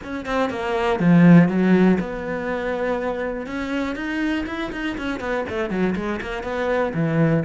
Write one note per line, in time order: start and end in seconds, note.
0.03 0.25 C#4
0.25 0.50 C4
0.50 0.99 A#3
0.99 1.48 F3
1.48 1.97 F#3
2.00 3.46 B3
3.46 3.95 C#4
3.95 4.45 D#4
4.46 4.71 E4
4.72 4.96 D#4
4.97 5.20 C#4
5.20 5.44 B3
5.49 5.70 A3
5.70 5.94 F#3
5.95 6.20 G#3
6.21 6.43 A#3
6.43 6.93 B3
6.94 7.43 E3